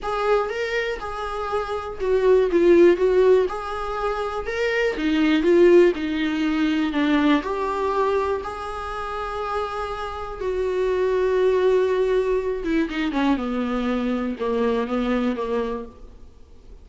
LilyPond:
\new Staff \with { instrumentName = "viola" } { \time 4/4 \tempo 4 = 121 gis'4 ais'4 gis'2 | fis'4 f'4 fis'4 gis'4~ | gis'4 ais'4 dis'4 f'4 | dis'2 d'4 g'4~ |
g'4 gis'2.~ | gis'4 fis'2.~ | fis'4. e'8 dis'8 cis'8 b4~ | b4 ais4 b4 ais4 | }